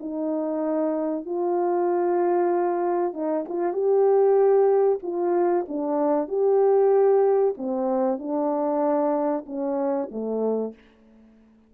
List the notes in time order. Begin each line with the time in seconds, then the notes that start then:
0.00 D#4
1.25 F4
3.13 D#4
3.49 F4
3.73 G4
5.02 F4
5.68 D4
6.28 G4
7.57 C4
8.18 D4
9.46 C#4
10.11 A3